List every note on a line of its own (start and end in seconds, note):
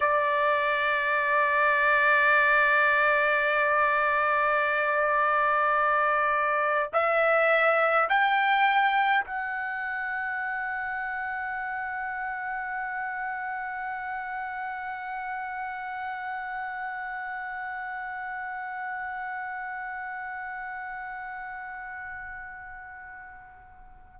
0.00 6.89 D5
6.93 8.08 E5
8.09 9.24 G5
9.25 24.20 F#5